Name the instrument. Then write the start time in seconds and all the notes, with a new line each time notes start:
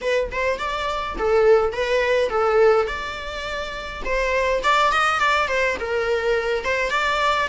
viola
0.01 B4
0.31 C5
0.58 D5
1.18 A4
1.72 B4
2.29 A4
2.87 D5
4.05 C5
4.63 D5
4.91 D#5
5.19 D5
5.48 C5
5.79 A#4
6.64 C5
6.90 D5